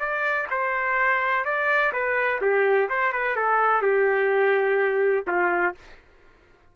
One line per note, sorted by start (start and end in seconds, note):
0.00 0.48 D5
0.51 1.45 C5
1.45 1.93 D5
1.93 2.41 B4
2.42 2.89 G4
2.90 3.13 C5
3.13 3.37 B4
3.37 3.83 A4
3.83 5.26 G4
5.28 5.75 F4